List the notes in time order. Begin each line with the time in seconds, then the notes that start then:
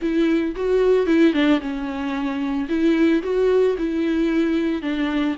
0.01 E4
0.55 F#4
1.06 E4
1.33 D4
1.60 C#4
2.69 E4
3.22 F#4
3.78 E4
4.82 D4